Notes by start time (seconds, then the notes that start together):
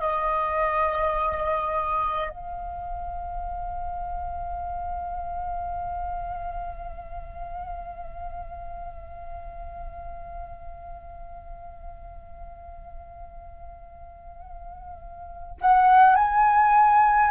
0.00 D#5
2.30 F5
15.60 F#5
16.15 G#5